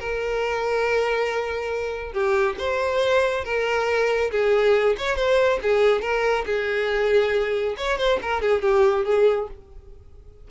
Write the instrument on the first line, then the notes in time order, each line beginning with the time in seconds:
violin
0.00 A#4
2.13 G4
2.59 C5
3.45 A#4
4.32 G#4
4.98 C#5
5.17 C5
5.63 G#4
6.02 A#4
6.47 G#4
7.78 C#5
7.98 C5
8.22 A#4
8.42 G#4
8.62 G4
9.05 G#4